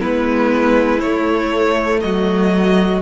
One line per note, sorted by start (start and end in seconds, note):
0.00 1.03 G#3
0.00 1.01 B3
0.00 2.00 E4
0.00 1.00 B4
1.00 3.02 A3
1.00 2.03 A3
1.00 2.00 C#5
2.01 3.02 F#3
2.01 3.02 F#4
2.01 3.01 D#5